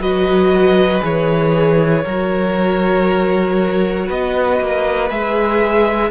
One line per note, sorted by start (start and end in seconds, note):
0.00 1.02 F#3
0.00 1.02 F#4
0.00 2.04 B4
0.00 1.03 D#5
1.02 2.05 E3
1.02 2.04 G#4
1.02 4.10 C#5
2.04 4.10 F#3
2.04 5.10 F#4
2.04 4.06 A#4
4.06 4.60 B3
4.06 6.10 B4
4.06 5.10 D#5
4.60 5.11 A#3
5.10 6.11 G#3
5.10 6.11 G#4
5.10 6.11 E5